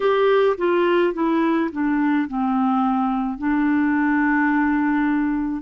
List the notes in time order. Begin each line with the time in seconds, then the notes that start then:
0.00 G4
0.57 F4
1.13 E4
1.71 D4
2.27 C4
3.38 D4